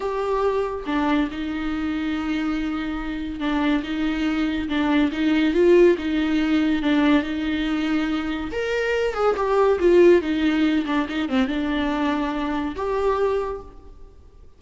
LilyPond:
\new Staff \with { instrumentName = "viola" } { \time 4/4 \tempo 4 = 141 g'2 d'4 dis'4~ | dis'1 | d'4 dis'2 d'4 | dis'4 f'4 dis'2 |
d'4 dis'2. | ais'4. gis'8 g'4 f'4 | dis'4. d'8 dis'8 c'8 d'4~ | d'2 g'2 | }